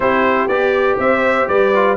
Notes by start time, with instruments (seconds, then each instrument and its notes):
0.00 tuba C4, trombone E4, horn G4, trumpet C5
0.48 tuba B3, trombone G4, trumpet D5
0.98 tuba C4, horn C5, trumpet E5
1.48 tuba G3, horn B4, trumpet D5
1.74 trombone F4